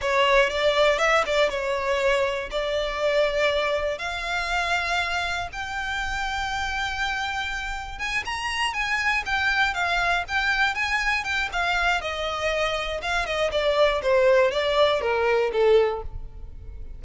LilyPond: \new Staff \with { instrumentName = "violin" } { \time 4/4 \tempo 4 = 120 cis''4 d''4 e''8 d''8 cis''4~ | cis''4 d''2. | f''2. g''4~ | g''1 |
gis''8 ais''4 gis''4 g''4 f''8~ | f''8 g''4 gis''4 g''8 f''4 | dis''2 f''8 dis''8 d''4 | c''4 d''4 ais'4 a'4 | }